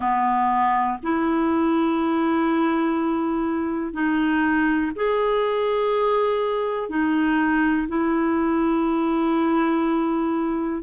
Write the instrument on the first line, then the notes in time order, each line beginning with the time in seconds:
clarinet
0.00 B3
1.02 E4
3.93 D#4
4.95 G#4
6.89 D#4
7.87 E4